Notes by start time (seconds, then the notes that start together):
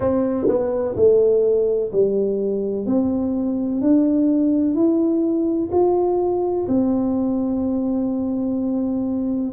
0.00 C4
0.48 B3
0.95 A3
1.92 G3
2.86 C4
3.81 D4
4.74 E4
5.71 F4
6.68 C4